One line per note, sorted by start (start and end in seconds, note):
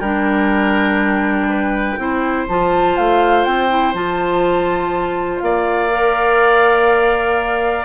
0.00 1.97 G3
0.00 1.98 D4
0.00 1.48 A#4
0.00 2.46 G5
1.49 1.98 B4
1.98 2.47 C4
1.98 2.48 E4
1.98 5.44 C5
2.48 2.97 F3
2.48 3.69 F4
2.48 2.96 A5
2.96 3.46 A3
2.96 3.44 F5
3.44 3.94 C4
3.44 3.94 G5
3.69 3.94 E4
3.94 5.41 F3
3.94 5.90 F4
3.94 5.39 A5
5.39 7.85 A#3
5.39 7.85 D5
5.39 7.85 F5
5.90 7.85 A#4